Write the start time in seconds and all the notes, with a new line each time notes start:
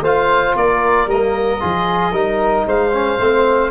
0.00 A3 F4 C5 F5
0.56 A#3 A#4 D5
1.06 G3 A#3 D#5
1.60 F3 F4 G#4
2.12 G3 D#4 A#4
2.66 G#3 C5 F5
2.92 C#4
3.19 A3 C4